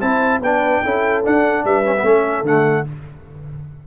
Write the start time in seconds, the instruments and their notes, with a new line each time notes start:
0.00 tuba C4, trombone E4, horn C5, trumpet A5
0.40 tuba B3, trombone D4, horn B4, trumpet G5
0.83 tuba C#4, trombone E4, horn A4
1.24 trombone D4, tuba D4, trumpet F#5
1.64 tuba G3, horn B4, trumpet E5
1.84 trombone C#4
1.95 trombone B3
2.02 tuba A3, trombone C#4, horn A4
2.42 tuba D3, trombone A3, trumpet F#5